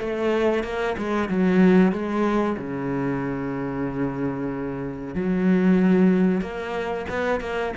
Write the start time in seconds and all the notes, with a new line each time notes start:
0.00 A3
0.64 A#3
0.98 G#3
1.29 F#3
1.92 G#3
2.57 C#3
5.15 F#3
6.41 A#3
7.09 B3
7.40 A#3